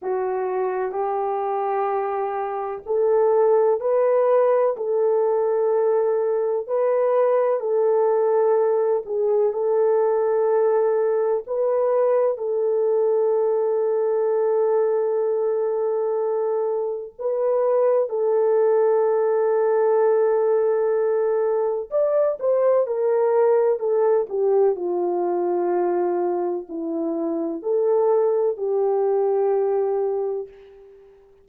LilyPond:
\new Staff \with { instrumentName = "horn" } { \time 4/4 \tempo 4 = 63 fis'4 g'2 a'4 | b'4 a'2 b'4 | a'4. gis'8 a'2 | b'4 a'2.~ |
a'2 b'4 a'4~ | a'2. d''8 c''8 | ais'4 a'8 g'8 f'2 | e'4 a'4 g'2 | }